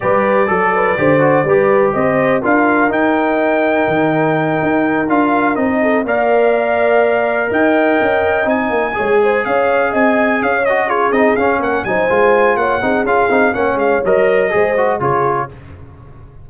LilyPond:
<<
  \new Staff \with { instrumentName = "trumpet" } { \time 4/4 \tempo 4 = 124 d''1 | dis''4 f''4 g''2~ | g''2~ g''8 f''4 dis''8~ | dis''8 f''2. g''8~ |
g''4. gis''2 f''8~ | f''8 gis''4 f''8 dis''8 cis''8 dis''8 f''8 | fis''8 gis''4. fis''4 f''4 | fis''8 f''8 dis''2 cis''4 | }
  \new Staff \with { instrumentName = "horn" } { \time 4/4 b'4 a'8 b'8 c''4 b'4 | c''4 ais'2.~ | ais'1 | a'8 d''2. dis''8~ |
dis''2~ dis''8 cis''8 c''8 cis''8~ | cis''8 dis''4 cis''4 gis'4. | ais'8 c''4. cis''8 gis'4. | cis''2 c''4 gis'4 | }
  \new Staff \with { instrumentName = "trombone" } { \time 4/4 g'4 a'4 g'8 fis'8 g'4~ | g'4 f'4 dis'2~ | dis'2~ dis'8 f'4 dis'8~ | dis'8 ais'2.~ ais'8~ |
ais'4. dis'4 gis'4.~ | gis'2 fis'8 f'8 dis'8 cis'8~ | cis'8 dis'8 f'4. dis'8 f'8 dis'8 | cis'4 ais'4 gis'8 fis'8 f'4 | }
  \new Staff \with { instrumentName = "tuba" } { \time 4/4 g4 fis4 d4 g4 | c'4 d'4 dis'2 | dis4. dis'4 d'4 c'8~ | c'8 ais2. dis'8~ |
dis'8 cis'4 c'8 ais8 gis4 cis'8~ | cis'8 c'4 cis'4. c'8 cis'8 | ais8 fis8 gis4 ais8 c'8 cis'8 c'8 | ais8 gis8 fis4 gis4 cis4 | }
>>